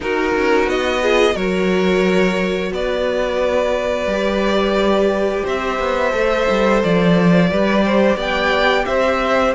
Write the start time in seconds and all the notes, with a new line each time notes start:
0.00 D#4 F#4 A#4
0.35 C#4
0.66 B3 D#5
1.02 F4 G#4
1.34 F#3 F#4 A#4 C#5
2.71 B3 B4 D5
4.06 G3 G4
5.44 C4 C5 E5
5.79 B3
6.12 A3 A4
6.49 G3
6.83 F3 D5
7.50 G3 G4 B4
7.85 C5
8.16 B3 D5 G5
8.85 C4 C5 E5